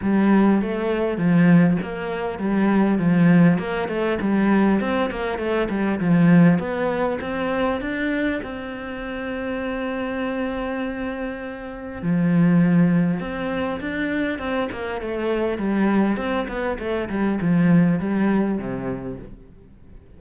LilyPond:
\new Staff \with { instrumentName = "cello" } { \time 4/4 \tempo 4 = 100 g4 a4 f4 ais4 | g4 f4 ais8 a8 g4 | c'8 ais8 a8 g8 f4 b4 | c'4 d'4 c'2~ |
c'1 | f2 c'4 d'4 | c'8 ais8 a4 g4 c'8 b8 | a8 g8 f4 g4 c4 | }